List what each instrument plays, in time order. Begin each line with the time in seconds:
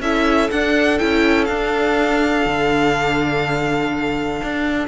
0.00 cello C#4, viola E4, violin A4 E5
0.50 cello D4, viola D4, violin F#5
0.99 cello C#4, viola E4, violin G5
1.45 cello D4, violin F5
1.52 viola D4
2.46 cello D3
4.43 cello D4